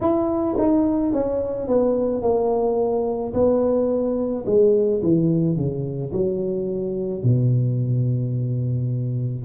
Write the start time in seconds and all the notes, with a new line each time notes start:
0.01 E4
0.58 D#4
1.12 C#4
1.67 B3
2.22 A#3
3.33 B3
4.45 G#3
5.03 E3
5.56 C#3
6.12 F#3
7.23 B2